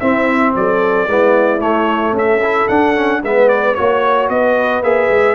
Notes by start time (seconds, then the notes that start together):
0.00 C4 E4 E5
0.56 F#3 A4 D5
1.07 G#3 B3 E4
1.60 A3 C#5
2.13 C#4 A4 E5
2.44 E4
2.68 D4 F#5
2.96 C#4
3.23 G#3 B3 B4 E5
3.49 D5
3.75 A#3 F#4 C#5
4.29 B3 B4 D#5
4.82 A#3 G#4 E5
5.09 G#3